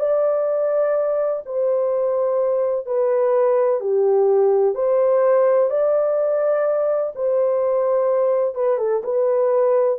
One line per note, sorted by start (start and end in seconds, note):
0.00 1.43 D5
1.46 2.86 C5
2.86 3.81 B4
3.81 4.75 G4
4.75 5.70 C5
5.70 7.13 D5
7.16 8.55 C5
8.55 8.78 B4
8.78 9.02 A4
9.04 9.99 B4